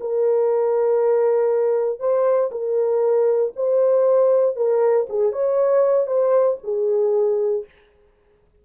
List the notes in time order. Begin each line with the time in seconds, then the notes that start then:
0.00 A#4
1.99 C5
2.51 A#4
3.56 C5
4.56 A#4
5.09 G#4
5.32 C#5
6.07 C5
6.63 G#4